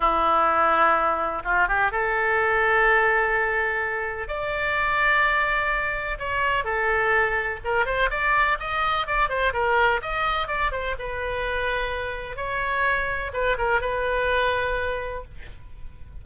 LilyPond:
\new Staff \with { instrumentName = "oboe" } { \time 4/4 \tempo 4 = 126 e'2. f'8 g'8 | a'1~ | a'4 d''2.~ | d''4 cis''4 a'2 |
ais'8 c''8 d''4 dis''4 d''8 c''8 | ais'4 dis''4 d''8 c''8 b'4~ | b'2 cis''2 | b'8 ais'8 b'2. | }